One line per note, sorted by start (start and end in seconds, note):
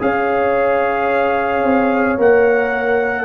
0.00 1.63 C#4
0.00 2.18 G#4
0.00 3.25 C#5
0.00 2.20 F5
1.63 2.18 C4
2.18 3.25 A#3
2.18 3.25 A#4
2.18 3.25 F#5